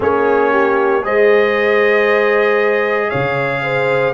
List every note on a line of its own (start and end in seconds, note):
0.00 1.03 A#3
0.00 1.02 C#4
0.00 0.51 G#4
0.00 1.05 C#5
0.51 1.03 G4
1.03 3.10 G#3
1.03 4.13 G#4
1.03 3.09 C5
1.03 3.09 D#5
3.09 4.14 C#3
3.09 3.61 C#5
3.09 4.13 F5
3.62 4.14 C5